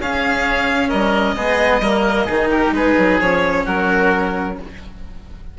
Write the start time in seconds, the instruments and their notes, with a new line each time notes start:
0.00 bassoon C#4, cello C#4, oboe G#4, violin F5
0.89 bassoon G3, oboe A#4, violin D#5
1.35 bassoon G#3, cello B3, oboe G#4
1.80 bassoon G3, cello A#3, oboe A#4
2.25 bassoon D#3, cello D#4, oboe G#4
2.51 oboe G4, violin A#4
2.71 bassoon G#3, oboe G#4, violin B4
2.98 bassoon F#3
3.20 bassoon F3, cello C#4, violin C#5
3.65 bassoon F#3, oboe F#4, violin A#4